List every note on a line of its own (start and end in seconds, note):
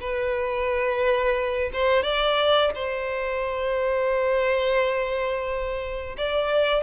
0.00 1.70 B4
1.73 2.03 C5
2.03 2.71 D5
2.75 6.16 C5
6.17 6.83 D5